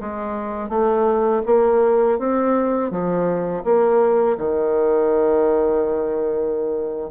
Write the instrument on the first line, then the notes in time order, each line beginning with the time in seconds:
bassoon
0.00 G#3
0.69 A3
1.45 A#3
2.18 C4
2.90 F3
3.64 A#3
4.37 D#3